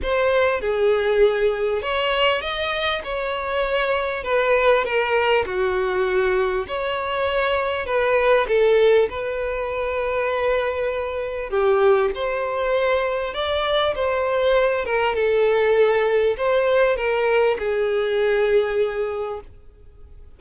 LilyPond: \new Staff \with { instrumentName = "violin" } { \time 4/4 \tempo 4 = 99 c''4 gis'2 cis''4 | dis''4 cis''2 b'4 | ais'4 fis'2 cis''4~ | cis''4 b'4 a'4 b'4~ |
b'2. g'4 | c''2 d''4 c''4~ | c''8 ais'8 a'2 c''4 | ais'4 gis'2. | }